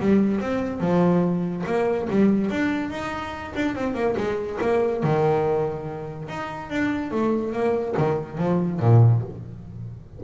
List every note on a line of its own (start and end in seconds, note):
0.00 0.41 G3
0.41 0.81 C4
0.81 1.65 F3
1.66 2.08 A#3
2.10 2.51 G3
2.51 2.91 D4
2.91 3.54 D#4
3.56 3.76 D4
3.76 3.95 C4
3.95 4.16 A#3
4.17 4.59 G#3
4.62 5.03 A#3
5.03 6.29 D#3
6.29 6.70 D#4
6.70 7.11 D4
7.11 7.53 A3
7.53 7.95 A#3
7.98 8.38 D#3
8.38 8.80 F3
8.80 9.22 A#2